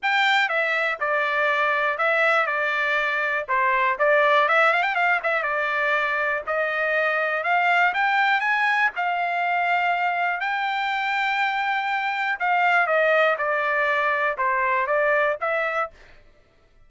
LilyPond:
\new Staff \with { instrumentName = "trumpet" } { \time 4/4 \tempo 4 = 121 g''4 e''4 d''2 | e''4 d''2 c''4 | d''4 e''8 f''16 g''16 f''8 e''8 d''4~ | d''4 dis''2 f''4 |
g''4 gis''4 f''2~ | f''4 g''2.~ | g''4 f''4 dis''4 d''4~ | d''4 c''4 d''4 e''4 | }